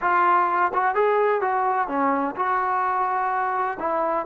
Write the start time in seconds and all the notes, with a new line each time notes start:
0.01 F4
0.73 F#4
0.94 G#4
1.41 F#4
1.88 C#4
2.36 F#4
3.79 E4